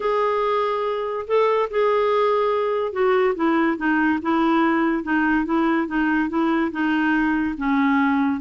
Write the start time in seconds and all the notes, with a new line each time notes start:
0.00 G#4
1.27 A4
1.70 G#4
2.92 F#4
3.35 E4
3.77 D#4
4.22 E4
5.03 D#4
5.45 E4
5.87 D#4
6.29 E4
6.71 D#4
7.57 C#4